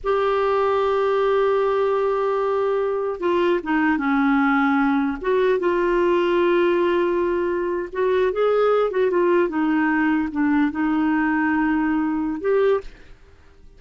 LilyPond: \new Staff \with { instrumentName = "clarinet" } { \time 4/4 \tempo 4 = 150 g'1~ | g'1 | f'4 dis'4 cis'2~ | cis'4 fis'4 f'2~ |
f'2.~ f'8. fis'16~ | fis'8. gis'4. fis'8 f'4 dis'16~ | dis'4.~ dis'16 d'4 dis'4~ dis'16~ | dis'2. g'4 | }